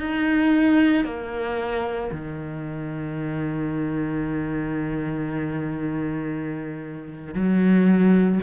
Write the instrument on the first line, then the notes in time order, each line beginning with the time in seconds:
cello
0.00 D#4
1.05 A#3
2.12 D#3
7.35 F#3